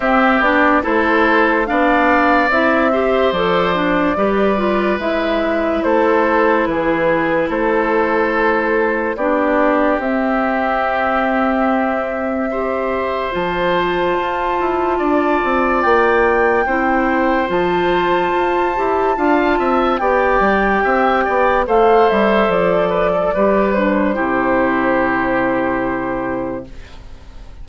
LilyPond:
<<
  \new Staff \with { instrumentName = "flute" } { \time 4/4 \tempo 4 = 72 e''8 d''8 c''4 f''4 e''4 | d''2 e''4 c''4 | b'4 c''2 d''4 | e''1 |
a''2. g''4~ | g''4 a''2. | g''2 f''8 e''8 d''4~ | d''8 c''2.~ c''8 | }
  \new Staff \with { instrumentName = "oboe" } { \time 4/4 g'4 a'4 d''4. c''8~ | c''4 b'2 a'4 | gis'4 a'2 g'4~ | g'2. c''4~ |
c''2 d''2 | c''2. f''8 e''8 | d''4 e''8 d''8 c''4. b'16 a'16 | b'4 g'2. | }
  \new Staff \with { instrumentName = "clarinet" } { \time 4/4 c'8 d'8 e'4 d'4 e'8 g'8 | a'8 d'8 g'8 f'8 e'2~ | e'2. d'4 | c'2. g'4 |
f'1 | e'4 f'4. g'8 f'4 | g'2 a'2 | g'8 d'8 e'2. | }
  \new Staff \with { instrumentName = "bassoon" } { \time 4/4 c'8 b8 a4 b4 c'4 | f4 g4 gis4 a4 | e4 a2 b4 | c'1 |
f4 f'8 e'8 d'8 c'8 ais4 | c'4 f4 f'8 e'8 d'8 c'8 | b8 g8 c'8 b8 a8 g8 f4 | g4 c2. | }
>>